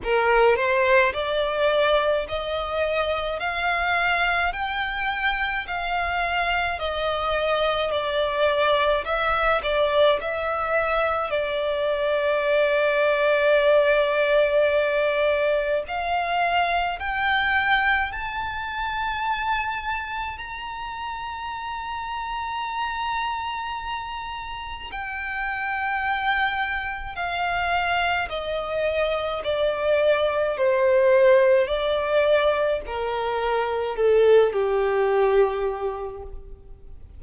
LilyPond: \new Staff \with { instrumentName = "violin" } { \time 4/4 \tempo 4 = 53 ais'8 c''8 d''4 dis''4 f''4 | g''4 f''4 dis''4 d''4 | e''8 d''8 e''4 d''2~ | d''2 f''4 g''4 |
a''2 ais''2~ | ais''2 g''2 | f''4 dis''4 d''4 c''4 | d''4 ais'4 a'8 g'4. | }